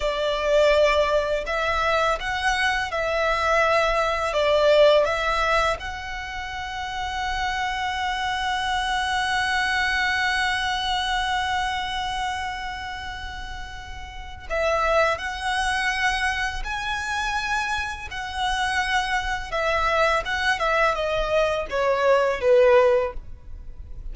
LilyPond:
\new Staff \with { instrumentName = "violin" } { \time 4/4 \tempo 4 = 83 d''2 e''4 fis''4 | e''2 d''4 e''4 | fis''1~ | fis''1~ |
fis''1 | e''4 fis''2 gis''4~ | gis''4 fis''2 e''4 | fis''8 e''8 dis''4 cis''4 b'4 | }